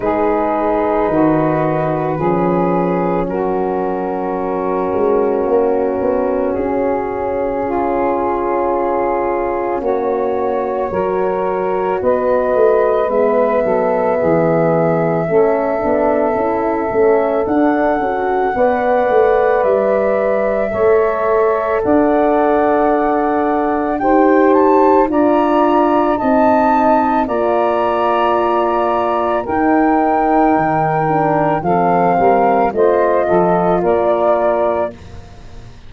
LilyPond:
<<
  \new Staff \with { instrumentName = "flute" } { \time 4/4 \tempo 4 = 55 b'2. ais'4~ | ais'2 gis'2~ | gis'4 cis''2 dis''4 | e''1 |
fis''2 e''2 | fis''2 g''8 a''8 ais''4 | a''4 ais''2 g''4~ | g''4 f''4 dis''4 d''4 | }
  \new Staff \with { instrumentName = "saxophone" } { \time 4/4 gis'4 fis'4 gis'4 fis'4~ | fis'2. f'4~ | f'4 fis'4 ais'4 b'4~ | b'8 a'8 gis'4 a'2~ |
a'4 d''2 cis''4 | d''2 c''4 d''4 | dis''4 d''2 ais'4~ | ais'4 a'8 ais'8 c''8 a'8 ais'4 | }
  \new Staff \with { instrumentName = "horn" } { \time 4/4 dis'2 cis'2~ | cis'1~ | cis'2 fis'2 | b2 cis'8 d'8 e'8 cis'8 |
d'8 fis'8 b'2 a'4~ | a'2 g'4 f'4 | dis'4 f'2 dis'4~ | dis'8 d'8 c'4 f'2 | }
  \new Staff \with { instrumentName = "tuba" } { \time 4/4 gis4 dis4 f4 fis4~ | fis8 gis8 ais8 b8 cis'2~ | cis'4 ais4 fis4 b8 a8 | gis8 fis8 e4 a8 b8 cis'8 a8 |
d'8 cis'8 b8 a8 g4 a4 | d'2 dis'4 d'4 | c'4 ais2 dis'4 | dis4 f8 g8 a8 f8 ais4 | }
>>